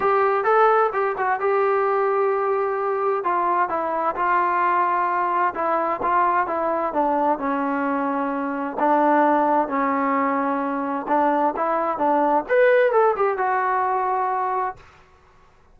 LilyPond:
\new Staff \with { instrumentName = "trombone" } { \time 4/4 \tempo 4 = 130 g'4 a'4 g'8 fis'8 g'4~ | g'2. f'4 | e'4 f'2. | e'4 f'4 e'4 d'4 |
cis'2. d'4~ | d'4 cis'2. | d'4 e'4 d'4 b'4 | a'8 g'8 fis'2. | }